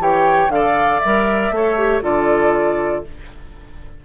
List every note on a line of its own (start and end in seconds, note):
0.00 0.49 E3
0.00 0.51 G4
0.00 0.52 C#5
0.00 0.51 G5
0.49 1.00 D3
0.49 1.02 A4
0.49 1.55 D5
0.49 1.00 F5
1.00 1.51 G3
1.00 1.53 A#4
1.00 2.02 E5
1.51 2.02 A3
1.51 1.78 A4
1.51 2.03 C#5
1.78 2.02 G4
2.02 3.04 D3
2.02 3.04 F4
2.02 3.05 A4
2.02 3.05 D5